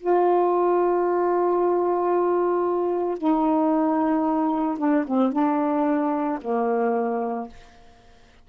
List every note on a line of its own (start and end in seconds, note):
0.00 3.18 F4
3.18 4.78 D#4
4.78 5.05 D4
5.07 5.32 C4
5.32 6.39 D4
6.41 7.49 A#3